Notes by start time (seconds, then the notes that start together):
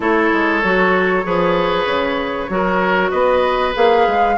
0.00 A3 E4 A4 C#5
0.32 G#3
0.63 F#3 F#4
1.23 F3 G#4 B4
1.85 C#3
2.49 F#3 F#4 A#4
3.10 B3 B4 D#5
3.73 A#3 G#4 F5
4.07 G#3